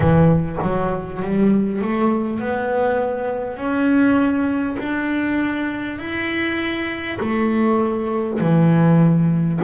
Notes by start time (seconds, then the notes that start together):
0.00 E3
0.62 F#3
1.22 G3
1.81 A3
2.39 B3
3.56 C#4
4.78 D4
5.98 E4
7.20 A3
8.39 E3